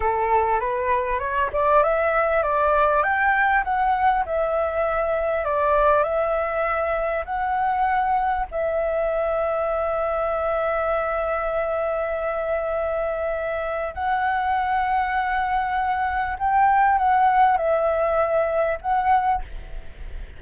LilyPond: \new Staff \with { instrumentName = "flute" } { \time 4/4 \tempo 4 = 99 a'4 b'4 cis''8 d''8 e''4 | d''4 g''4 fis''4 e''4~ | e''4 d''4 e''2 | fis''2 e''2~ |
e''1~ | e''2. fis''4~ | fis''2. g''4 | fis''4 e''2 fis''4 | }